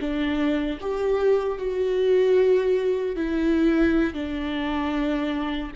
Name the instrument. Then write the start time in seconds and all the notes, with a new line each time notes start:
viola
0.00 D4
0.80 G4
1.58 F#4
3.16 E4
4.14 D4